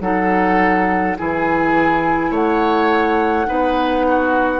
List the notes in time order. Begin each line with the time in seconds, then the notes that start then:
0.00 F#3 D#4 A4 F#5
1.17 E3 E4 G#4 G#5
2.31 A3 C#5 F#5
3.46 B3 D#4 B4
4.08 F#4